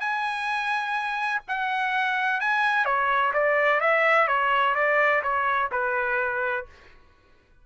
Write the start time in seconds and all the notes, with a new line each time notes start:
0.00 G#5
1.48 F#5
2.40 G#5
2.85 C#5
3.33 D5
3.81 E5
4.28 C#5
4.75 D5
5.23 C#5
5.72 B4